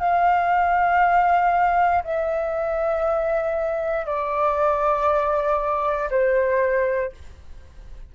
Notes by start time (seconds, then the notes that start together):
0.00 F5
2.04 E5
4.06 D5
6.11 C5